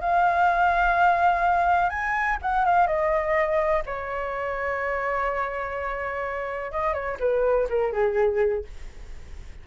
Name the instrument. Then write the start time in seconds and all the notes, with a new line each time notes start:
flute
0.00 F5
1.89 G#5
2.42 F#5
2.65 F5
2.86 D#5
3.86 C#5
6.71 D#5
6.93 C#5
7.19 B4
7.69 A#4
7.92 G#4